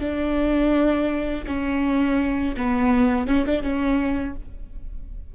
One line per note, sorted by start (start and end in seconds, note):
0.00 1.45 D4
1.47 2.55 C#4
2.57 3.27 B3
3.27 3.45 C#4
3.46 3.62 D4
3.62 4.35 C#4